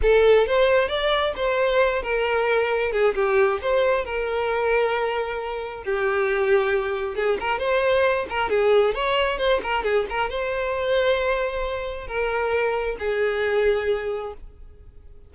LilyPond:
\new Staff \with { instrumentName = "violin" } { \time 4/4 \tempo 4 = 134 a'4 c''4 d''4 c''4~ | c''8 ais'2 gis'8 g'4 | c''4 ais'2.~ | ais'4 g'2. |
gis'8 ais'8 c''4. ais'8 gis'4 | cis''4 c''8 ais'8 gis'8 ais'8 c''4~ | c''2. ais'4~ | ais'4 gis'2. | }